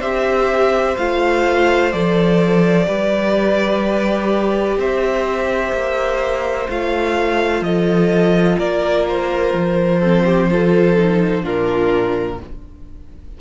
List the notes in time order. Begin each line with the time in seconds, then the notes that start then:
0.00 C4 G4 C5 E5
0.97 A3 F4 F5
1.92 F3 A4 D5
2.85 G3 G4 B4
4.77 C4 C5 E5
5.73 A#3
6.69 A3 F4 F5
7.62 F3 A4 D#5
8.59 A#3 A#4 D5
9.09 C5
9.54 F3
10.00 C4 A4
10.25 G4
10.51 F4 A4
10.98 D#4
11.43 A#2 D4 F4 A#4